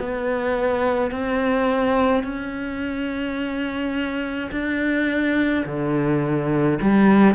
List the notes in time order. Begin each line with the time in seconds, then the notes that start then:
0.00 B3
1.11 C4
2.24 C#4
4.52 D4
5.66 D3
6.82 G3